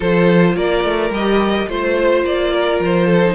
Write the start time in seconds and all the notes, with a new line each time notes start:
0.00 F3 F4 A4 C5
0.56 A#3 A#4 D5
0.84 A3
1.10 G3 G4 D#5
1.67 A3 F4 C5
2.23 A#3 D5
2.53 A#4
2.79 F3 C5
3.06 A4
3.24 D#4